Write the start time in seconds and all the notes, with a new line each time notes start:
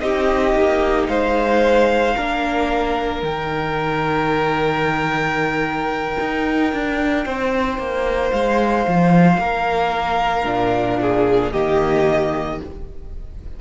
0.00 C4 D#4 G4 D#5
0.54 A#3
1.06 G#3 C5 F5
2.16 A#3 D4 A#4
3.23 D#3 D#4 G5
6.20 D#4
6.73 D4
7.26 C4 C5
7.78 A#3
8.31 G#3 F5
8.87 F3
9.38 A#3 A#4
10.45 A#2 D4
11.01 G#4
11.52 D#3 A#3 G4 D#5